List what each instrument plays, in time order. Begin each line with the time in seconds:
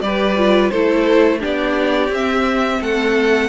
0.00 cello G3, viola G4, violin B4 D5
0.36 viola F4
0.69 cello A3, viola E4, violin A4 C5
1.39 cello B3, viola D4, violin G4 D5
2.08 cello C4, viola C4, violin E5
2.80 cello A3, violin A4 F#5